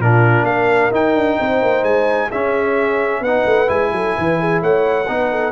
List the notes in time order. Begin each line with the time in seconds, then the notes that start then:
0.00 A#2 D4 F4 A#4
0.43 A#3 A#4 F5
0.91 D#4 G5
1.14 D4
1.40 C4 C5
1.62 A#3
1.83 G#3 G#5
2.28 C#4 G#4 E5
3.21 B3 D#4 B4 F#5
3.46 A3
3.67 G#3 E4 G#5
3.92 F#3 A4
4.17 E3 B4
4.40 G#4
4.62 A3 C#5 F#5
5.08 B3 D#4 B4
5.31 A4